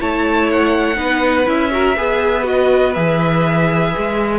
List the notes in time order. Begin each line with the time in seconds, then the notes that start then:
0.00 A3 E4 C#5 A5
0.51 F#5
0.96 B3 D#4 B4
1.46 C#4 E4 E5
1.71 F#4 A#4
1.97 B3 G#4 B4
2.43 F#4 D#5
2.94 E3 G#4 E5
3.98 G#3